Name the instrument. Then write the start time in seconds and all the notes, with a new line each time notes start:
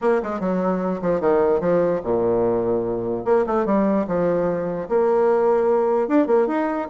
bassoon
0.01 A#3
0.22 G#3
0.40 F#3
1.01 F3
1.20 D#3
1.60 F3
2.03 A#2
3.25 A#3
3.46 A3
3.65 G3
4.07 F3
4.89 A#3
6.08 D4
6.26 A#3
6.47 D#4